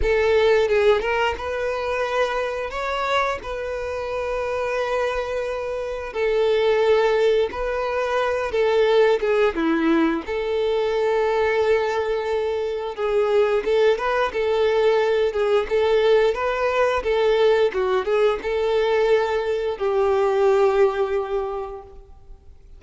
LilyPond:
\new Staff \with { instrumentName = "violin" } { \time 4/4 \tempo 4 = 88 a'4 gis'8 ais'8 b'2 | cis''4 b'2.~ | b'4 a'2 b'4~ | b'8 a'4 gis'8 e'4 a'4~ |
a'2. gis'4 | a'8 b'8 a'4. gis'8 a'4 | b'4 a'4 fis'8 gis'8 a'4~ | a'4 g'2. | }